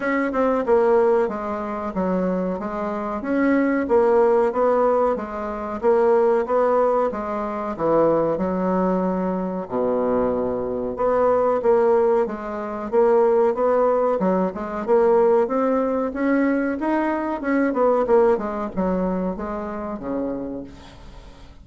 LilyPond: \new Staff \with { instrumentName = "bassoon" } { \time 4/4 \tempo 4 = 93 cis'8 c'8 ais4 gis4 fis4 | gis4 cis'4 ais4 b4 | gis4 ais4 b4 gis4 | e4 fis2 b,4~ |
b,4 b4 ais4 gis4 | ais4 b4 fis8 gis8 ais4 | c'4 cis'4 dis'4 cis'8 b8 | ais8 gis8 fis4 gis4 cis4 | }